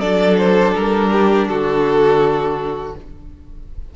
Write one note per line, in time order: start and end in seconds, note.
0.00 0.75 F#3
0.00 2.94 D4
0.00 1.10 A4
0.00 0.37 D5
0.37 0.74 C5
0.75 1.49 G3
0.75 1.48 A#4
1.12 1.48 G4
1.48 2.95 D3
1.48 2.96 F#4
1.48 2.95 A4